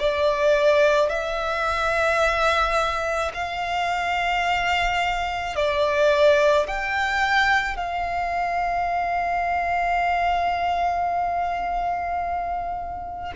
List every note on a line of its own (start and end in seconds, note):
0.00 1.10 D5
1.10 3.32 E5
3.35 5.56 F5
5.56 6.67 D5
6.68 7.77 G5
7.77 13.32 F5